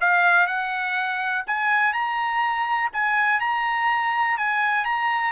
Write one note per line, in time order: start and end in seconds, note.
0.00 0.47 F5
0.47 1.44 F#5
1.46 1.93 G#5
1.93 2.90 A#5
2.92 3.40 G#5
3.40 4.37 A#5
4.37 4.84 G#5
4.84 5.32 A#5